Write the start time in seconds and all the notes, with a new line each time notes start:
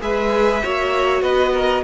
0.00 G#3 G#4 B4 E5
0.62 A#3 F#4 C#5
1.22 B3 B4 D#5
1.53 A#4